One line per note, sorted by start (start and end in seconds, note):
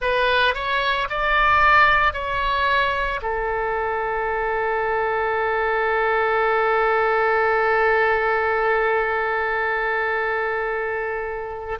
0.01 0.54 B4
0.54 1.08 C#5
1.09 2.13 D5
2.13 3.20 C#5
3.21 11.79 A4